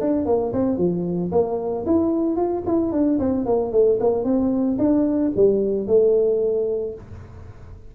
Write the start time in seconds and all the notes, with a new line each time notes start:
0.00 D4
0.25 A#3
0.52 C4
0.77 F3
1.31 A#3
1.86 E4
2.36 F4
2.66 E4
2.91 D4
3.19 C4
3.45 A#3
3.72 A3
4.00 A#3
4.24 C4
4.78 D4
5.35 G3
5.87 A3